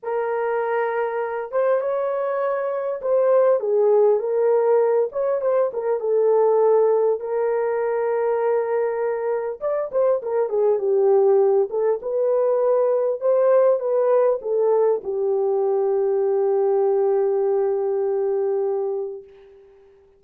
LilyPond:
\new Staff \with { instrumentName = "horn" } { \time 4/4 \tempo 4 = 100 ais'2~ ais'8 c''8 cis''4~ | cis''4 c''4 gis'4 ais'4~ | ais'8 cis''8 c''8 ais'8 a'2 | ais'1 |
d''8 c''8 ais'8 gis'8 g'4. a'8 | b'2 c''4 b'4 | a'4 g'2.~ | g'1 | }